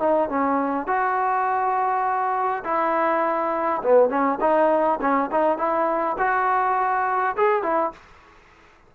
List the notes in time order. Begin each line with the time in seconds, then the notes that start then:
0.00 D#4
0.29 C#4
0.87 F#4
2.65 E4
3.83 B3
4.10 C#4
4.41 D#4
5.01 C#4
5.32 D#4
5.58 E4
6.18 F#4
7.37 G#4
7.63 E4